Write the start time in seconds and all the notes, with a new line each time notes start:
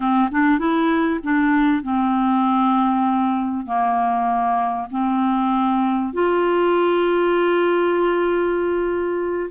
0.00 C4
0.31 D4
0.58 E4
1.23 D4
1.82 C4
3.66 A#3
4.91 C4
6.13 F4